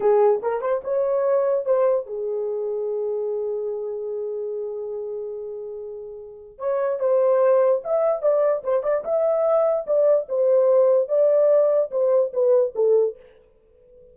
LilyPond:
\new Staff \with { instrumentName = "horn" } { \time 4/4 \tempo 4 = 146 gis'4 ais'8 c''8 cis''2 | c''4 gis'2.~ | gis'1~ | gis'1 |
cis''4 c''2 e''4 | d''4 c''8 d''8 e''2 | d''4 c''2 d''4~ | d''4 c''4 b'4 a'4 | }